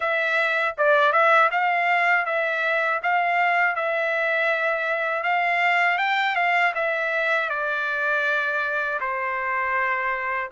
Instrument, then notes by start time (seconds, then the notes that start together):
trumpet
0.00 E5
0.77 D5
1.12 E5
1.51 F5
2.25 E5
3.02 F5
3.75 E5
5.23 F5
5.98 G5
6.35 F5
6.74 E5
7.49 D5
9.00 C5